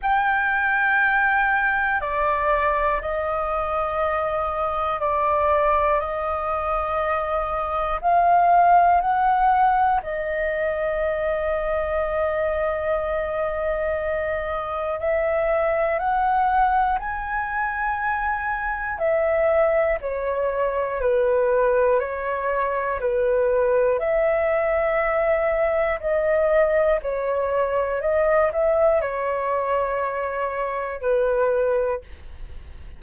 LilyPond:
\new Staff \with { instrumentName = "flute" } { \time 4/4 \tempo 4 = 60 g''2 d''4 dis''4~ | dis''4 d''4 dis''2 | f''4 fis''4 dis''2~ | dis''2. e''4 |
fis''4 gis''2 e''4 | cis''4 b'4 cis''4 b'4 | e''2 dis''4 cis''4 | dis''8 e''8 cis''2 b'4 | }